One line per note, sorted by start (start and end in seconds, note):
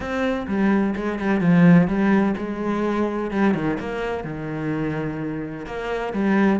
0.00 0.46 C4
0.47 0.94 G3
0.95 1.19 G#3
1.19 1.40 G3
1.40 1.87 F3
1.87 2.35 G3
2.37 3.30 G#3
3.30 3.54 G3
3.54 3.78 D#3
3.79 4.24 A#3
4.24 5.65 D#3
5.65 6.13 A#3
6.13 6.59 G3